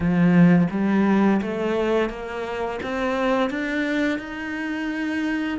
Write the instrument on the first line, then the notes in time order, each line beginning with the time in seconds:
cello
0.00 F3
0.70 G3
1.41 A3
2.09 A#3
2.82 C4
3.50 D4
4.18 D#4